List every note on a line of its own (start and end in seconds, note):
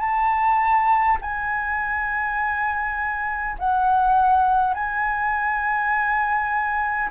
0.00 1.18 A5
1.21 3.57 G#5
3.59 4.74 F#5
4.74 7.10 G#5